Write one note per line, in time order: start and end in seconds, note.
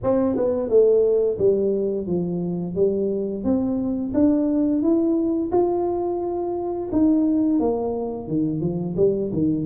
0.03 0.36 C4
0.36 0.69 B3
0.69 1.38 A3
1.38 2.07 G3
2.07 2.75 F3
2.75 3.44 G3
3.44 4.13 C4
4.13 4.82 D4
4.82 5.50 E4
5.51 6.89 F4
6.92 7.59 D#4
7.59 8.27 A#3
8.27 8.61 D#3
8.61 8.95 F3
8.96 9.31 G3
9.32 9.65 D#3